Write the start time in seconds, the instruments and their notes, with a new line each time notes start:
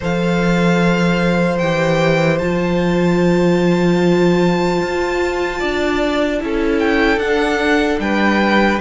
0.00 cello F3, viola A4, violin C5 F5
1.58 cello E3, viola G4, violin G5
2.38 cello F3, viola F4, violin A5
4.82 cello F4
5.59 cello D4, violin D5
6.39 cello C#4, viola E4, violin A4
6.79 violin G5
7.17 cello D4, viola D4, violin F#5
7.99 cello G3, violin B4 G5